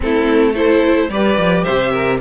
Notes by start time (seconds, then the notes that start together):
0.00 A3 C4 E4 A4
0.52 E4 A4 C5
1.09 G3 G4 B4 D5
1.37 F3
1.64 C3 C5 E5
1.91 A#4